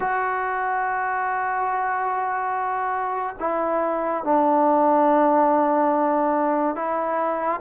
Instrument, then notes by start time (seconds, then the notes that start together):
trombone
0.00 F#4
3.39 E4
4.24 D4
6.75 E4